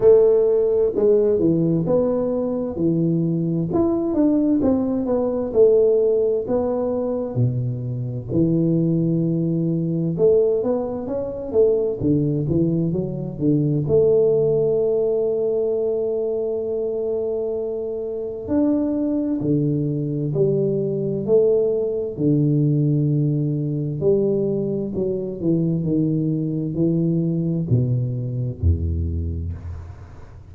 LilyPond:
\new Staff \with { instrumentName = "tuba" } { \time 4/4 \tempo 4 = 65 a4 gis8 e8 b4 e4 | e'8 d'8 c'8 b8 a4 b4 | b,4 e2 a8 b8 | cis'8 a8 d8 e8 fis8 d8 a4~ |
a1 | d'4 d4 g4 a4 | d2 g4 fis8 e8 | dis4 e4 b,4 e,4 | }